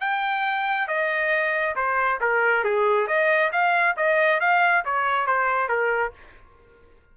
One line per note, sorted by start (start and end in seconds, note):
0.00 0.88 G5
0.88 1.75 D#5
1.76 2.19 C5
2.20 2.64 A#4
2.64 3.07 G#4
3.07 3.51 D#5
3.52 3.96 F5
3.96 4.40 D#5
4.40 4.84 F5
4.85 5.26 C#5
5.26 5.68 C5
5.68 6.12 A#4